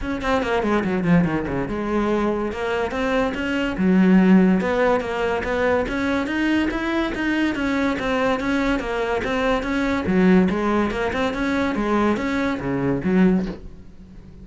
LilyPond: \new Staff \with { instrumentName = "cello" } { \time 4/4 \tempo 4 = 143 cis'8 c'8 ais8 gis8 fis8 f8 dis8 cis8 | gis2 ais4 c'4 | cis'4 fis2 b4 | ais4 b4 cis'4 dis'4 |
e'4 dis'4 cis'4 c'4 | cis'4 ais4 c'4 cis'4 | fis4 gis4 ais8 c'8 cis'4 | gis4 cis'4 cis4 fis4 | }